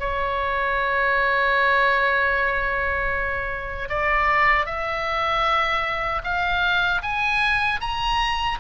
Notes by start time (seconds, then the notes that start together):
0.00 C#5
3.90 D5
4.66 E5
6.24 F5
7.02 G#5
7.81 A#5